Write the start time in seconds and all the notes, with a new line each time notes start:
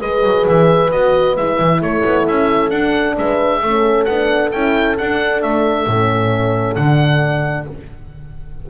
0.00 G#3 G#4 B4 D#5
0.24 F#3
0.48 E3 E5
0.92 B3 F#4 D#5
1.37 G#3 E4 E5
1.60 E3
1.81 A3 A4 C#5
2.05 B3
2.28 C#4 E5
2.70 D4 F#5
3.18 G#3 B4 E5
3.61 A3 C#4 A4
4.05 B3 D4 F#5
4.52 C#4 E4 G5
4.98 D4 F#5
5.42 A3 E5
5.87 A2 C#4
6.76 D3 D4 F#5